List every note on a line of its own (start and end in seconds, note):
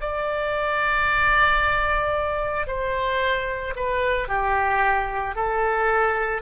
0.00 2.66 D5
2.66 3.74 C5
3.75 4.28 B4
4.28 5.35 G4
5.35 6.41 A4